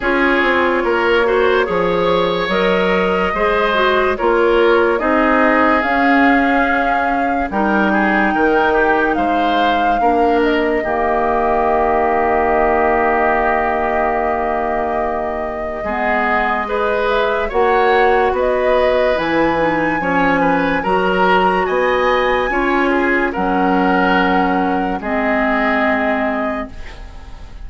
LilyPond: <<
  \new Staff \with { instrumentName = "flute" } { \time 4/4 \tempo 4 = 72 cis''2. dis''4~ | dis''4 cis''4 dis''4 f''4~ | f''4 g''2 f''4~ | f''8 dis''2.~ dis''8~ |
dis''1~ | dis''8 e''8 fis''4 dis''4 gis''4~ | gis''4 ais''4 gis''2 | fis''2 dis''2 | }
  \new Staff \with { instrumentName = "oboe" } { \time 4/4 gis'4 ais'8 c''8 cis''2 | c''4 ais'4 gis'2~ | gis'4 ais'8 gis'8 ais'8 g'8 c''4 | ais'4 g'2.~ |
g'2. gis'4 | b'4 cis''4 b'2 | cis''8 b'8 ais'4 dis''4 cis''8 gis'8 | ais'2 gis'2 | }
  \new Staff \with { instrumentName = "clarinet" } { \time 4/4 f'4. fis'8 gis'4 ais'4 | gis'8 fis'8 f'4 dis'4 cis'4~ | cis'4 dis'2. | d'4 ais2.~ |
ais2. b4 | gis'4 fis'2 e'8 dis'8 | cis'4 fis'2 f'4 | cis'2 c'2 | }
  \new Staff \with { instrumentName = "bassoon" } { \time 4/4 cis'8 c'8 ais4 f4 fis4 | gis4 ais4 c'4 cis'4~ | cis'4 g4 dis4 gis4 | ais4 dis2.~ |
dis2. gis4~ | gis4 ais4 b4 e4 | f4 fis4 b4 cis'4 | fis2 gis2 | }
>>